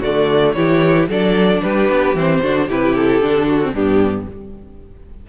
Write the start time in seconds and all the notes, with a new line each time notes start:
0.00 D3 A3 F#4 D5
0.53 E3 E4 G4 C#5
1.09 F#3 D4 A4 D5
1.63 G3 G4 B4
1.89 B3
2.14 E3 C4 C5
2.42 D3 D4 F#4
2.67 C3 E4 G4 B4
2.96 A4
3.21 D3 D4
3.47 F#4
3.62 C4
3.73 G2 B3 D4 G4